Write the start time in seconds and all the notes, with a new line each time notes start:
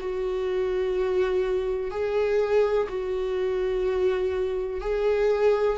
0.00 F#4
1.90 G#4
2.89 F#4
4.81 G#4